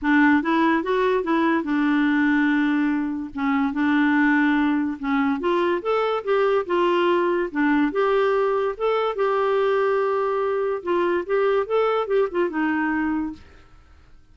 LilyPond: \new Staff \with { instrumentName = "clarinet" } { \time 4/4 \tempo 4 = 144 d'4 e'4 fis'4 e'4 | d'1 | cis'4 d'2. | cis'4 f'4 a'4 g'4 |
f'2 d'4 g'4~ | g'4 a'4 g'2~ | g'2 f'4 g'4 | a'4 g'8 f'8 dis'2 | }